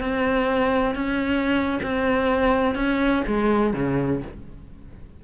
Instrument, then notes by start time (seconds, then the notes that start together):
cello
0.00 C4
0.95 C#4
1.82 C4
2.75 C#4
3.27 G#3
3.73 C#3